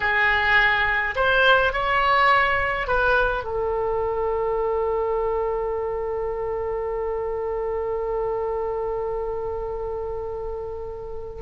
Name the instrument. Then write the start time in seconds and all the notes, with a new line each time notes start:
oboe
0.00 G#4
1.15 C5
1.72 C#5
2.87 B4
3.43 A4